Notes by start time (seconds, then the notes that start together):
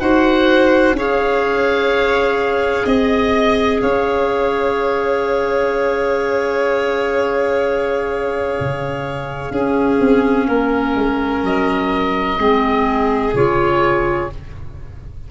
0.00 D#4 F#4 C5 F#5
0.92 C#4 G#4 C#5
0.98 F5
2.85 C4 D#5
3.81 C#4 C#5 F5
8.60 C#3
9.50 C#4 G#4
10.00 C4
10.48 A#3 A#4
10.95 G#3
11.43 F#3 D#5
12.37 G#3 C4 G#4
13.34 C#3 F4 C#5